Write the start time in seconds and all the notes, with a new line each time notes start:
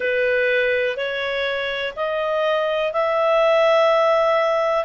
0.00 B4
0.96 C#5
1.96 D#5
2.93 E5